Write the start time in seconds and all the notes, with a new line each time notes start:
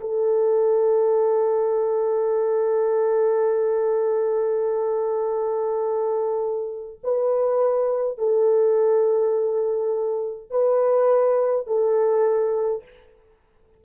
0.00 A4
7.03 B4
8.18 A4
10.50 B4
11.66 A4